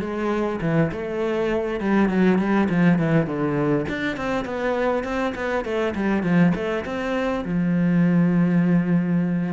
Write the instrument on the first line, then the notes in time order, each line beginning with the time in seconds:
cello
0.00 G#3
0.61 E3
0.91 A3
1.80 G3
2.08 F#3
2.38 G3
2.69 F3
2.98 E3
3.26 D3
3.88 D4
4.16 C4
4.44 B3
5.04 C4
5.35 B3
5.64 A3
5.95 G3
6.23 F3
6.55 A3
6.85 C4
7.45 F3